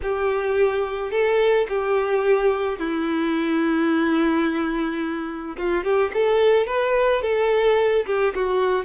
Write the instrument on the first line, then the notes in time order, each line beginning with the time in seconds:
violin
0.02 G4
1.11 A4
1.68 G4
2.79 E4
5.57 F4
5.84 G4
6.13 A4
6.67 B4
7.22 A4
8.06 G4
8.34 F#4